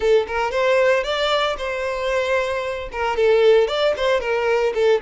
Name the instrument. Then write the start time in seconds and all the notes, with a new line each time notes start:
violin
0.00 A4
0.27 A#4
0.51 C5
1.03 D5
1.57 C5
2.92 A#4
3.16 A4
3.67 D5
3.96 C5
4.20 A#4
4.74 A4